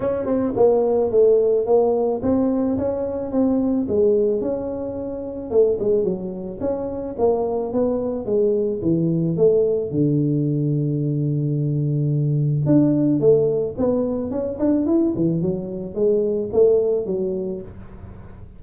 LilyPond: \new Staff \with { instrumentName = "tuba" } { \time 4/4 \tempo 4 = 109 cis'8 c'8 ais4 a4 ais4 | c'4 cis'4 c'4 gis4 | cis'2 a8 gis8 fis4 | cis'4 ais4 b4 gis4 |
e4 a4 d2~ | d2. d'4 | a4 b4 cis'8 d'8 e'8 e8 | fis4 gis4 a4 fis4 | }